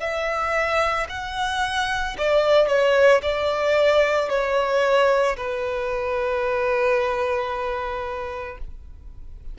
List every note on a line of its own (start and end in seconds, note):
0.00 1.07 E5
1.09 2.16 F#5
2.18 2.67 D5
2.67 3.21 C#5
3.22 4.30 D5
4.30 5.37 C#5
5.37 8.58 B4